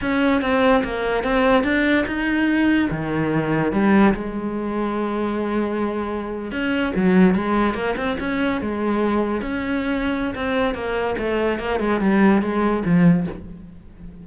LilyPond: \new Staff \with { instrumentName = "cello" } { \time 4/4 \tempo 4 = 145 cis'4 c'4 ais4 c'4 | d'4 dis'2 dis4~ | dis4 g4 gis2~ | gis2.~ gis8. cis'16~ |
cis'8. fis4 gis4 ais8 c'8 cis'16~ | cis'8. gis2 cis'4~ cis'16~ | cis'4 c'4 ais4 a4 | ais8 gis8 g4 gis4 f4 | }